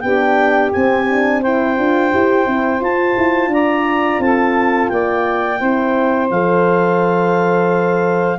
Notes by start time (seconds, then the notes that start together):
0.00 B3 D4 G4 G5
0.72 C4 G#5
1.09 D4
1.41 E4 C5 G5
1.76 D4 F4
2.11 E4 G4
2.45 C4 E4
2.80 F4 A5
3.17 E4
3.47 D4 D5 A#5
4.18 C4 A4 A5
4.88 A#3 D5 G5
5.59 C4 E4 C5
6.30 F3 A4 F5